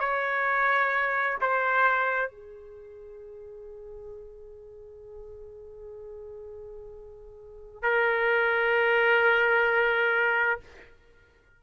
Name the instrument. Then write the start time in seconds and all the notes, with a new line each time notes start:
trumpet
0.00 C#5
1.41 C5
2.31 G#4
7.83 A#4